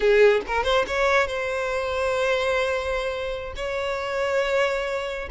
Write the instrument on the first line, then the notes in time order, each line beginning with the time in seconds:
violin
0.00 G#4
0.47 A#4
0.63 C5
0.87 C#5
1.27 C5
3.56 C#5